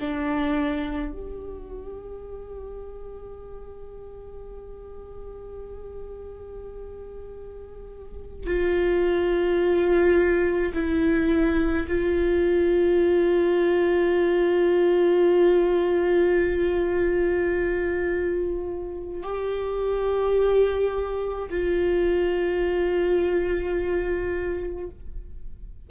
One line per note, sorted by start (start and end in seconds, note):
0.00 1.12 D4
1.12 8.46 G4
8.46 10.73 F4
10.74 11.87 E4
11.88 19.23 F4
19.23 21.49 G4
21.50 24.90 F4